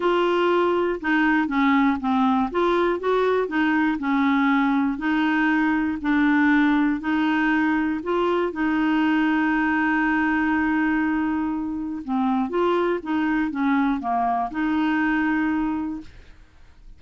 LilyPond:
\new Staff \with { instrumentName = "clarinet" } { \time 4/4 \tempo 4 = 120 f'2 dis'4 cis'4 | c'4 f'4 fis'4 dis'4 | cis'2 dis'2 | d'2 dis'2 |
f'4 dis'2.~ | dis'1 | c'4 f'4 dis'4 cis'4 | ais4 dis'2. | }